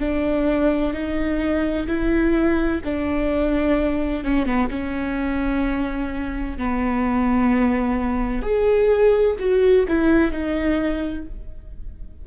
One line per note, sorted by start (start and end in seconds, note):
0.00 0.93 D4
0.93 1.87 D#4
1.87 2.81 E4
2.85 4.24 D4
4.24 4.46 C#4
4.46 4.70 B3
4.70 6.58 C#4
6.58 8.42 B3
8.42 9.36 G#4
9.40 9.87 F#4
9.89 10.32 E4
10.32 11.25 D#4